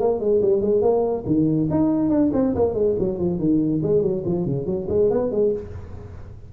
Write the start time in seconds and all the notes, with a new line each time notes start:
0.00 A#3
0.20 G#3
0.42 G3
0.61 G#3
0.81 A#3
1.26 D#3
1.70 D#4
2.09 D4
2.33 C4
2.55 A#3
2.74 G#3
2.99 F#3
3.19 F3
3.39 D#3
3.83 G#3
4.02 F#3
4.26 F3
4.46 C#3
4.66 F#3
4.89 G#3
5.10 B3
5.31 G#3